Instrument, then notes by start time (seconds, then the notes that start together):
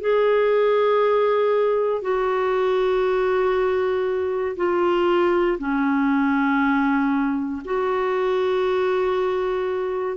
clarinet
0.00 G#4
2.02 F#4
4.56 F4
5.59 C#4
7.65 F#4